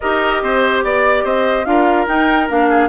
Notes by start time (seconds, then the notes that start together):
0.00 D#4 G4 A#4 D#5
0.42 C4 C5
0.83 B3 D5
1.24 C4 C5 D#5
1.65 D4 F4 A#4 F5
2.07 D#4 G5
2.48 A#3 D4 F5
2.69 G#4